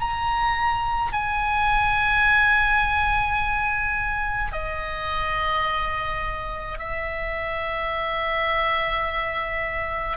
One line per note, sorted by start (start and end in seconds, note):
0.00 1.13 A#5
1.13 4.52 G#5
4.52 6.79 D#5
6.79 10.17 E5